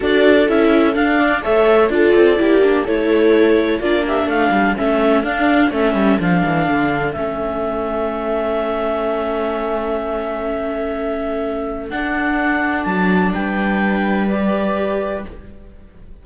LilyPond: <<
  \new Staff \with { instrumentName = "clarinet" } { \time 4/4 \tempo 4 = 126 d''4 e''4 f''4 e''4 | d''2 cis''2 | d''8 e''8 f''4 e''4 f''4 | e''4 f''2 e''4~ |
e''1~ | e''1~ | e''4 fis''2 a''4 | g''2 d''2 | }
  \new Staff \with { instrumentName = "viola" } { \time 4/4 a'2~ a'8 d''8 cis''4 | a'4 g'4 a'2 | f'8 g'8 a'2.~ | a'1~ |
a'1~ | a'1~ | a'1 | b'1 | }
  \new Staff \with { instrumentName = "viola" } { \time 4/4 fis'4 e'4 d'4 a'4 | f'4 e'8 d'8 e'2 | d'2 cis'4 d'4 | cis'4 d'2 cis'4~ |
cis'1~ | cis'1~ | cis'4 d'2.~ | d'2 g'2 | }
  \new Staff \with { instrumentName = "cello" } { \time 4/4 d'4 cis'4 d'4 a4 | d'8 c'8 ais4 a2 | ais4 a8 g8 a4 d'4 | a8 g8 f8 e8 d4 a4~ |
a1~ | a1~ | a4 d'2 fis4 | g1 | }
>>